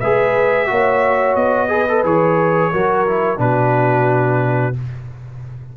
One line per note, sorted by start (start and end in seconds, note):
0.00 0.71 G#3
0.00 0.67 G#4
0.00 0.69 B4
0.00 1.36 E5
0.67 1.36 A#3
0.67 1.69 F#4
0.67 1.70 C#5
1.36 2.04 B3
1.36 2.04 D#5
1.69 1.86 G#4
1.69 2.73 B4
1.89 2.05 A4
2.04 2.72 E3
2.04 2.73 G#4
2.04 3.40 C#5
2.73 3.39 F#3
2.73 3.07 F#4
2.73 3.40 A#4
3.08 3.37 E4
3.37 4.75 B2
3.37 4.74 D4
3.37 4.77 F#4
3.37 4.76 B4